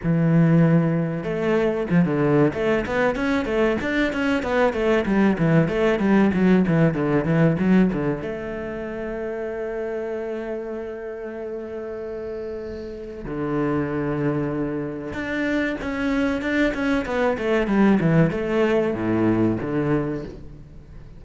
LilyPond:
\new Staff \with { instrumentName = "cello" } { \time 4/4 \tempo 4 = 95 e2 a4 f16 d8. | a8 b8 cis'8 a8 d'8 cis'8 b8 a8 | g8 e8 a8 g8 fis8 e8 d8 e8 | fis8 d8 a2.~ |
a1~ | a4 d2. | d'4 cis'4 d'8 cis'8 b8 a8 | g8 e8 a4 a,4 d4 | }